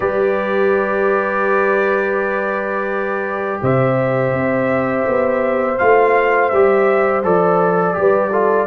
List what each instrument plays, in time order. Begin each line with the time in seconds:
0.00 tuba G3, trombone G4, horn B4, trumpet D5
3.61 tuba C3, horn C5, trumpet E5
4.32 tuba C4
5.07 tuba B3
5.78 tuba A3, trombone F4, trumpet F5
6.49 tuba G3, trombone G4, trumpet E5
7.23 tuba F3, trombone A4, trumpet D5
7.94 tuba G3, trombone G4, horn B4
8.30 trombone F4, horn A4